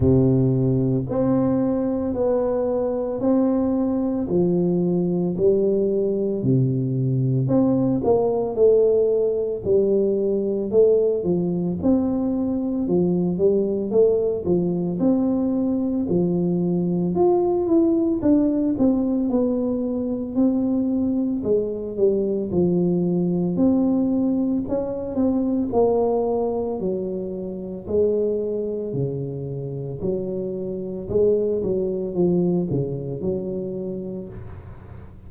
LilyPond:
\new Staff \with { instrumentName = "tuba" } { \time 4/4 \tempo 4 = 56 c4 c'4 b4 c'4 | f4 g4 c4 c'8 ais8 | a4 g4 a8 f8 c'4 | f8 g8 a8 f8 c'4 f4 |
f'8 e'8 d'8 c'8 b4 c'4 | gis8 g8 f4 c'4 cis'8 c'8 | ais4 fis4 gis4 cis4 | fis4 gis8 fis8 f8 cis8 fis4 | }